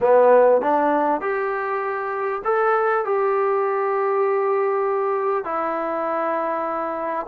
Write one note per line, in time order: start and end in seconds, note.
0.01 0.61 B3
0.61 1.21 D4
1.21 2.42 G4
2.44 3.04 A4
3.04 5.44 G4
5.44 7.26 E4